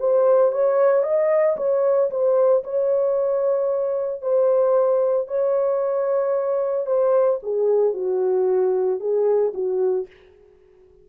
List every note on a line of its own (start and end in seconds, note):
0.00 0.52 C5
0.52 1.04 C#5
1.04 1.57 D#5
1.57 2.10 C#5
2.11 2.64 C5
2.64 4.22 C#5
4.22 5.28 C5
5.28 6.87 C#5
6.87 7.40 C5
7.43 7.94 G#4
7.94 9.00 F#4
9.00 9.53 G#4
9.54 10.07 F#4